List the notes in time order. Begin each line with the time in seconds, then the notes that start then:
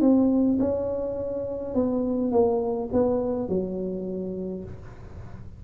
0.00 C4
0.59 C#4
1.74 B3
2.31 A#3
2.92 B3
3.48 F#3